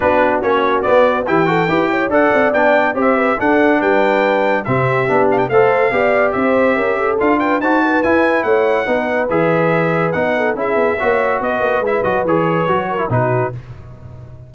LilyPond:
<<
  \new Staff \with { instrumentName = "trumpet" } { \time 4/4 \tempo 4 = 142 b'4 cis''4 d''4 g''4~ | g''4 fis''4 g''4 e''4 | fis''4 g''2 e''4~ | e''8 f''16 g''16 f''2 e''4~ |
e''4 f''8 g''8 a''4 gis''4 | fis''2 e''2 | fis''4 e''2 dis''4 | e''8 dis''8 cis''2 b'4 | }
  \new Staff \with { instrumentName = "horn" } { \time 4/4 fis'2. g'8 a'8 | b'8 cis''8 d''2 c''8 b'8 | a'4 b'2 g'4~ | g'4 c''4 d''4 c''4 |
ais'8 a'4 b'8 c''8 b'4. | cis''4 b'2.~ | b'8 a'8 gis'4 cis''4 b'4~ | b'2~ b'8 ais'8 fis'4 | }
  \new Staff \with { instrumentName = "trombone" } { \time 4/4 d'4 cis'4 b4 e'8 fis'8 | g'4 a'4 d'4 g'4 | d'2. c'4 | d'4 a'4 g'2~ |
g'4 f'4 fis'4 e'4~ | e'4 dis'4 gis'2 | dis'4 e'4 fis'2 | e'8 fis'8 gis'4 fis'8. e'16 dis'4 | }
  \new Staff \with { instrumentName = "tuba" } { \time 4/4 b4 ais4 b4 e4 | e'4 d'8 c'8 b4 c'4 | d'4 g2 c4 | b4 a4 b4 c'4 |
cis'4 d'4 dis'4 e'4 | a4 b4 e2 | b4 cis'8 b8 ais4 b8 ais8 | gis8 fis8 e4 fis4 b,4 | }
>>